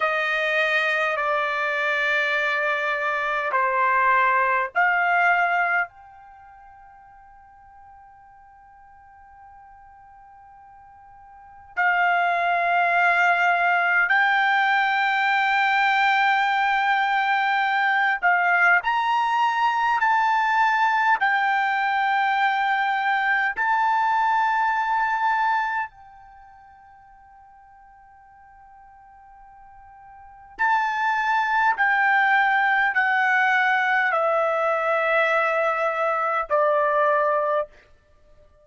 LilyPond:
\new Staff \with { instrumentName = "trumpet" } { \time 4/4 \tempo 4 = 51 dis''4 d''2 c''4 | f''4 g''2.~ | g''2 f''2 | g''2.~ g''8 f''8 |
ais''4 a''4 g''2 | a''2 g''2~ | g''2 a''4 g''4 | fis''4 e''2 d''4 | }